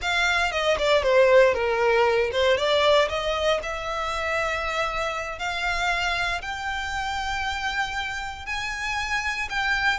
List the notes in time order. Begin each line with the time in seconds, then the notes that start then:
0.01 F5
0.51 D#5
0.78 D5
1.03 C5
1.54 A#4
2.31 C5
2.57 D5
3.09 D#5
3.62 E5
5.38 F5
6.41 G5
8.45 G#5
9.49 G5